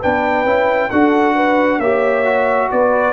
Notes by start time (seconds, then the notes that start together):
0.00 B3 D4 B4 G5
0.45 C#4 E4
0.90 D4 F#4 A4 F#5
1.35 B4
1.79 A#3 G4 C#5 E5
2.25 F#4
2.71 B3 B4 D5